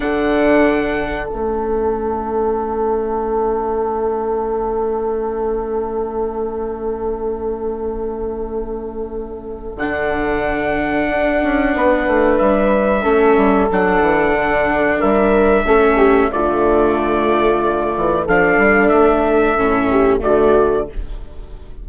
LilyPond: <<
  \new Staff \with { instrumentName = "trumpet" } { \time 4/4 \tempo 4 = 92 fis''2 e''2~ | e''1~ | e''1~ | e''2. fis''4~ |
fis''2. e''4~ | e''4 fis''2 e''4~ | e''4 d''2. | f''4 e''2 d''4 | }
  \new Staff \with { instrumentName = "horn" } { \time 4/4 a'1~ | a'1~ | a'1~ | a'1~ |
a'2 b'2 | a'2. ais'4 | a'8 g'8 f'2. | a'2~ a'8 g'8 fis'4 | }
  \new Staff \with { instrumentName = "viola" } { \time 4/4 d'2 cis'2~ | cis'1~ | cis'1~ | cis'2. d'4~ |
d'1 | cis'4 d'2. | cis'4 a2. | d'2 cis'4 a4 | }
  \new Staff \with { instrumentName = "bassoon" } { \time 4/4 d2 a2~ | a1~ | a1~ | a2. d4~ |
d4 d'8 cis'8 b8 a8 g4 | a8 g8 fis8 e8 d4 g4 | a4 d2~ d8 e8 | f8 g8 a4 a,4 d4 | }
>>